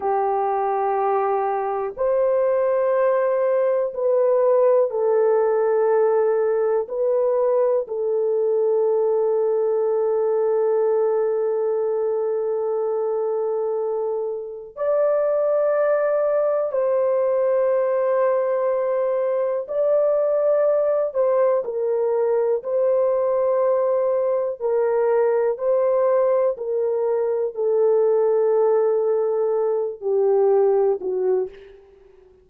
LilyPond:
\new Staff \with { instrumentName = "horn" } { \time 4/4 \tempo 4 = 61 g'2 c''2 | b'4 a'2 b'4 | a'1~ | a'2. d''4~ |
d''4 c''2. | d''4. c''8 ais'4 c''4~ | c''4 ais'4 c''4 ais'4 | a'2~ a'8 g'4 fis'8 | }